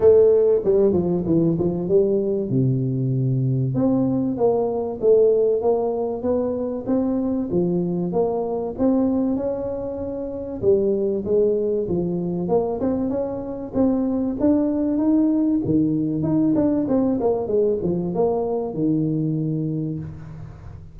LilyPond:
\new Staff \with { instrumentName = "tuba" } { \time 4/4 \tempo 4 = 96 a4 g8 f8 e8 f8 g4 | c2 c'4 ais4 | a4 ais4 b4 c'4 | f4 ais4 c'4 cis'4~ |
cis'4 g4 gis4 f4 | ais8 c'8 cis'4 c'4 d'4 | dis'4 dis4 dis'8 d'8 c'8 ais8 | gis8 f8 ais4 dis2 | }